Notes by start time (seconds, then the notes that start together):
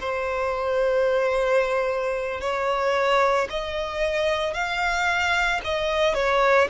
0.00 C5
2.41 C#5
3.50 D#5
4.53 F5
5.64 D#5
6.14 C#5